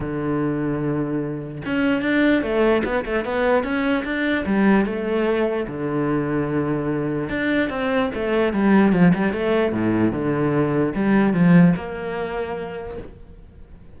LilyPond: \new Staff \with { instrumentName = "cello" } { \time 4/4 \tempo 4 = 148 d1 | cis'4 d'4 a4 b8 a8 | b4 cis'4 d'4 g4 | a2 d2~ |
d2 d'4 c'4 | a4 g4 f8 g8 a4 | a,4 d2 g4 | f4 ais2. | }